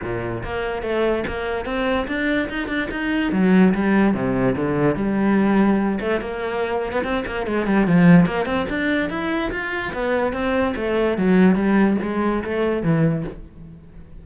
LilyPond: \new Staff \with { instrumentName = "cello" } { \time 4/4 \tempo 4 = 145 ais,4 ais4 a4 ais4 | c'4 d'4 dis'8 d'8 dis'4 | fis4 g4 c4 d4 | g2~ g8 a8 ais4~ |
ais8. b16 c'8 ais8 gis8 g8 f4 | ais8 c'8 d'4 e'4 f'4 | b4 c'4 a4 fis4 | g4 gis4 a4 e4 | }